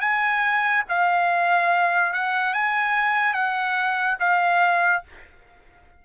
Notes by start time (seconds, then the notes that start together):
0.00 G#5
0.88 F5
2.13 F#5
2.53 G#5
3.33 F#5
4.19 F5